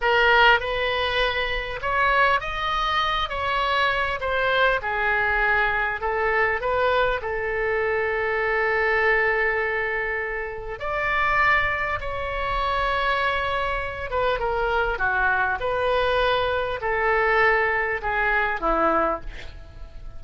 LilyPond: \new Staff \with { instrumentName = "oboe" } { \time 4/4 \tempo 4 = 100 ais'4 b'2 cis''4 | dis''4. cis''4. c''4 | gis'2 a'4 b'4 | a'1~ |
a'2 d''2 | cis''2.~ cis''8 b'8 | ais'4 fis'4 b'2 | a'2 gis'4 e'4 | }